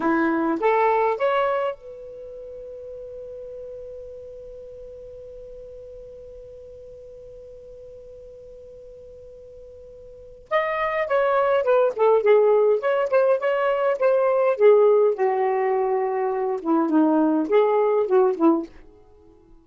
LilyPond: \new Staff \with { instrumentName = "saxophone" } { \time 4/4 \tempo 4 = 103 e'4 a'4 cis''4 b'4~ | b'1~ | b'1~ | b'1~ |
b'2 dis''4 cis''4 | b'8 a'8 gis'4 cis''8 c''8 cis''4 | c''4 gis'4 fis'2~ | fis'8 e'8 dis'4 gis'4 fis'8 e'8 | }